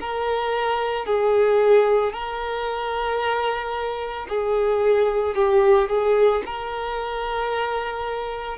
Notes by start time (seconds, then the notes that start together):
0.00 A#4
1.05 G#4
2.12 A#4
4.28 G#4
5.35 G4
5.89 G#4
6.45 A#4